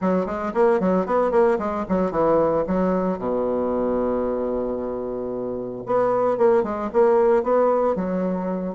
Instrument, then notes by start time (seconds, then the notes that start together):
bassoon
0.01 F#3
0.26 G#3
0.53 A#3
0.80 F#3
1.05 B3
1.31 A#3
1.58 G#3
1.88 F#3
2.11 E3
2.67 F#3
3.18 B2
5.86 B3
6.37 A#3
6.63 G#3
6.92 A#3
7.43 B3
7.95 F#3